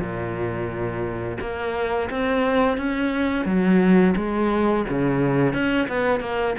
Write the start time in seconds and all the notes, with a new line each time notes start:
0.00 A#2
1.40 A#3
2.10 C4
2.77 C#4
3.45 F#3
4.16 G#3
4.89 C#3
5.53 C#4
5.88 B3
6.20 A#3